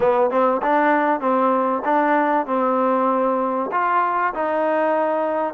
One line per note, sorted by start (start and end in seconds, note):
0.00 0.30 B3
0.30 0.61 C4
0.62 1.20 D4
1.20 1.82 C4
1.84 2.46 D4
2.46 3.70 C4
3.71 4.33 F4
4.34 5.54 D#4